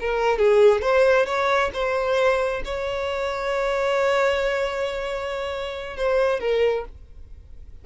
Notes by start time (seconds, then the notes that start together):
0.00 A#4
0.38 G#4
0.81 C5
1.26 C#5
1.73 C5
2.64 C#5
5.97 C5
6.40 A#4